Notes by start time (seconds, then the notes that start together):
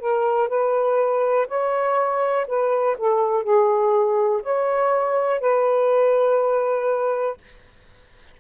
0.00 A#4
0.49 B4
1.48 C#5
2.48 B4
2.98 A4
3.43 G#4
4.43 C#5
5.40 B4